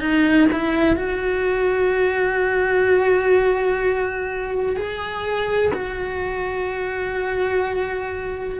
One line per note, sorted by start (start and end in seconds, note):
0.00 0.48 D#4
0.52 0.96 E4
0.96 4.76 F#4
4.76 5.71 G#4
5.74 8.59 F#4